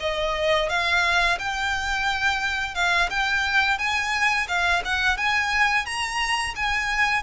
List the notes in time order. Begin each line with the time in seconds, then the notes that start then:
0.00 D#5
0.69 F5
1.39 G5
2.75 F5
3.10 G5
3.78 G#5
4.48 F5
4.85 F#5
5.17 G#5
5.85 A#5
6.55 G#5